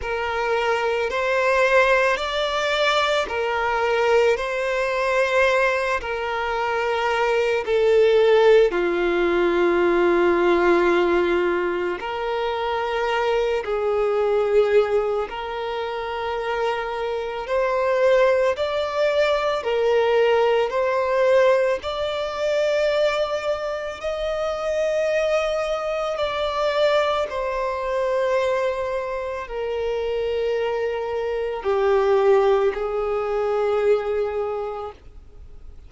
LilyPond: \new Staff \with { instrumentName = "violin" } { \time 4/4 \tempo 4 = 55 ais'4 c''4 d''4 ais'4 | c''4. ais'4. a'4 | f'2. ais'4~ | ais'8 gis'4. ais'2 |
c''4 d''4 ais'4 c''4 | d''2 dis''2 | d''4 c''2 ais'4~ | ais'4 g'4 gis'2 | }